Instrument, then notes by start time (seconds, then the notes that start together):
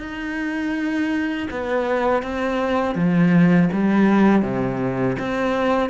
cello
0.00 D#4
1.51 B3
2.23 C4
2.95 F3
3.73 G3
4.43 C3
5.19 C4